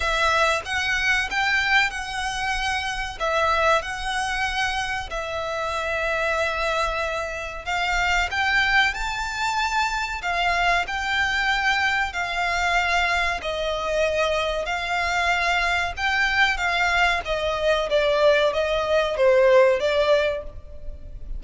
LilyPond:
\new Staff \with { instrumentName = "violin" } { \time 4/4 \tempo 4 = 94 e''4 fis''4 g''4 fis''4~ | fis''4 e''4 fis''2 | e''1 | f''4 g''4 a''2 |
f''4 g''2 f''4~ | f''4 dis''2 f''4~ | f''4 g''4 f''4 dis''4 | d''4 dis''4 c''4 d''4 | }